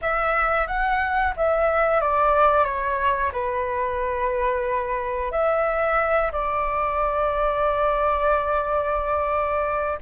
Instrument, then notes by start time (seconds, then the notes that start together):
flute
0.01 E5
0.67 F#5
1.36 E5
2.00 D5
2.65 C#5
3.32 B4
5.31 E5
6.32 D5